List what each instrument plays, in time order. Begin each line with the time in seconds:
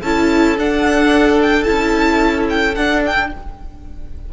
0.00 cello C#4, viola E4, violin A4 A5
0.57 viola D4, cello D4, violin F#5
1.42 violin G5
1.64 cello C#4, viola E4, violin A5
2.49 violin G5
2.75 cello D4, viola D4, violin F#5
3.05 violin G5